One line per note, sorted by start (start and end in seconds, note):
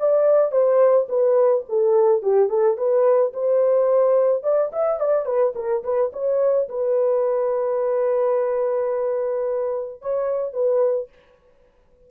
0.00 0.52 D5
0.52 1.08 C5
1.09 1.65 B4
1.69 2.23 A4
2.23 2.50 G4
2.50 2.78 A4
2.78 3.33 B4
3.34 4.44 C5
4.44 4.71 D5
4.73 5.01 E5
5.01 5.26 D5
5.26 5.54 B4
5.56 5.84 A#4
5.84 6.12 B4
6.13 6.69 C#5
6.69 10.02 B4
10.02 10.54 C#5
10.54 11.09 B4